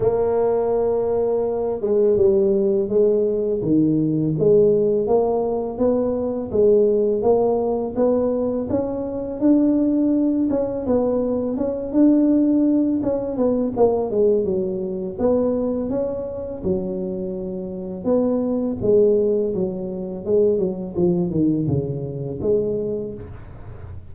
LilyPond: \new Staff \with { instrumentName = "tuba" } { \time 4/4 \tempo 4 = 83 ais2~ ais8 gis8 g4 | gis4 dis4 gis4 ais4 | b4 gis4 ais4 b4 | cis'4 d'4. cis'8 b4 |
cis'8 d'4. cis'8 b8 ais8 gis8 | fis4 b4 cis'4 fis4~ | fis4 b4 gis4 fis4 | gis8 fis8 f8 dis8 cis4 gis4 | }